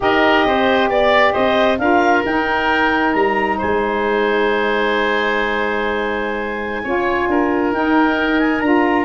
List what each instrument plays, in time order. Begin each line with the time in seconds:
0.00 tuba D#4, saxophone G4, oboe A#4, clarinet D#5
0.46 tuba C4, oboe C5
0.89 tuba B3, oboe D5, clarinet D5
1.33 tuba C4, oboe C5, clarinet D#5
1.78 tuba D4, saxophone F4, oboe A#4, clarinet F5
2.25 tuba D#4, saxophone D#4, clarinet G5
3.13 tuba G3, clarinet A#5
3.57 tuba G#3, oboe C5, clarinet G#5
6.83 tuba C#4, saxophone F4, oboe C#5
7.28 tuba D4, oboe A#4
7.72 tuba D#4, saxophone D#4, clarinet G5
8.39 clarinet G#5
8.60 tuba D4, saxophone F4, clarinet A#5